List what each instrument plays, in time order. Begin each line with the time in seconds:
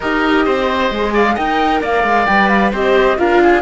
0.00 cello D#4, viola G4, oboe A#4, flute D#5
0.45 cello C4, oboe C5
0.90 cello G#3, viola G#4
1.13 oboe D5, flute F5
1.34 cello D#4, viola A#4, oboe D#5, flute G5
1.80 cello A#3, oboe D5, flute F5
2.03 cello G#3
2.26 cello G3, viola B4, flute G5
2.48 flute F5
2.71 cello C4, viola G4, oboe C5, flute D#5
3.17 cello D4, viola F4, oboe A#4, flute F5
3.42 oboe G#4